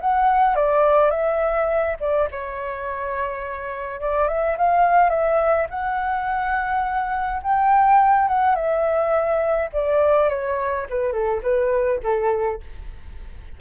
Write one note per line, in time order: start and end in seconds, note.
0.00 0.55 F#5
0.55 1.10 D5
1.10 1.96 E5
1.99 2.28 D5
2.31 4.00 C#5
4.00 4.28 D5
4.28 4.56 E5
4.57 5.09 F5
5.09 5.66 E5
5.70 7.41 F#5
7.42 8.28 G5
8.28 8.55 F#5
8.55 9.69 E5
9.72 10.29 D5
10.29 10.86 C#5
10.89 11.12 B4
11.12 11.41 A4
11.43 12.00 B4
12.03 12.60 A4